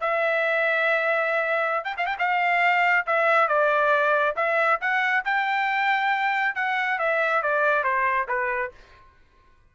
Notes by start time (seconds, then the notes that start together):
0.00 E5
1.84 G5
1.97 F5
2.06 G5
2.19 F5
3.06 E5
3.48 D5
4.36 E5
4.80 F#5
5.25 G5
6.55 F#5
6.99 E5
7.42 D5
7.84 C5
8.28 B4